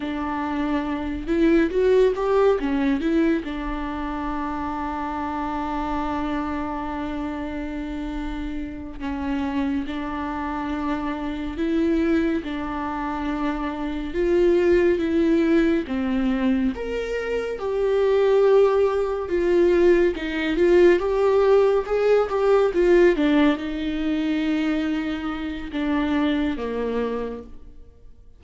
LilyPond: \new Staff \with { instrumentName = "viola" } { \time 4/4 \tempo 4 = 70 d'4. e'8 fis'8 g'8 cis'8 e'8 | d'1~ | d'2~ d'8 cis'4 d'8~ | d'4. e'4 d'4.~ |
d'8 f'4 e'4 c'4 ais'8~ | ais'8 g'2 f'4 dis'8 | f'8 g'4 gis'8 g'8 f'8 d'8 dis'8~ | dis'2 d'4 ais4 | }